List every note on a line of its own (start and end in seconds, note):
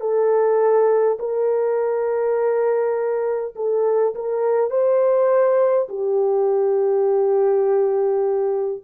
0.00 1.18 A4
1.19 3.54 A#4
3.56 4.14 A4
4.14 4.70 A#4
4.70 5.88 C5
5.89 8.83 G4